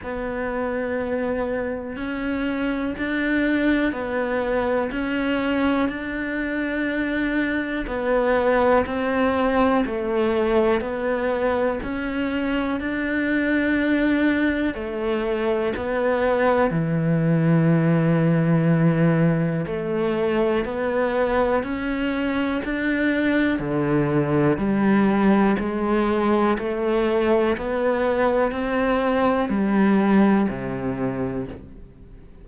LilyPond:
\new Staff \with { instrumentName = "cello" } { \time 4/4 \tempo 4 = 61 b2 cis'4 d'4 | b4 cis'4 d'2 | b4 c'4 a4 b4 | cis'4 d'2 a4 |
b4 e2. | a4 b4 cis'4 d'4 | d4 g4 gis4 a4 | b4 c'4 g4 c4 | }